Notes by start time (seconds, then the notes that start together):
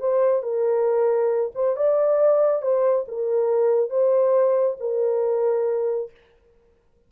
0.00 C5
0.43 A#4
1.55 C5
1.76 D5
2.62 C5
3.08 A#4
3.90 C5
4.80 A#4